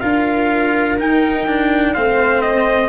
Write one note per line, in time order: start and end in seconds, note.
0.00 0.98 D4
0.00 0.98 F4
0.00 1.93 A#4
0.00 0.97 F5
0.98 1.47 D#4
0.98 1.95 D#4
0.98 1.94 G5
1.47 1.95 D4
1.93 2.89 A3
1.93 2.89 C4
1.93 2.89 C5
1.93 2.42 F5
2.42 2.89 D#5